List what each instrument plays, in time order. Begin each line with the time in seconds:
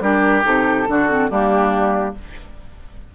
0.00 bassoon G3, clarinet D4, oboe G4, flute A#4
0.43 bassoon C3, clarinet D#4, flute A4
0.87 bassoon D3, clarinet D4, oboe F#4
1.08 clarinet C4
1.30 bassoon G3, clarinet A#3, oboe D4, flute G4